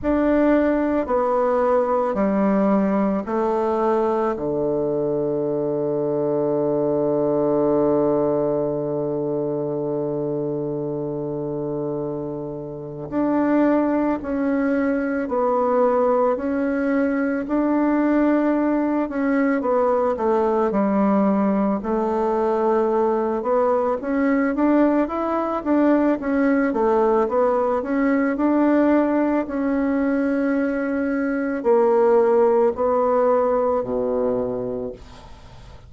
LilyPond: \new Staff \with { instrumentName = "bassoon" } { \time 4/4 \tempo 4 = 55 d'4 b4 g4 a4 | d1~ | d1 | d'4 cis'4 b4 cis'4 |
d'4. cis'8 b8 a8 g4 | a4. b8 cis'8 d'8 e'8 d'8 | cis'8 a8 b8 cis'8 d'4 cis'4~ | cis'4 ais4 b4 b,4 | }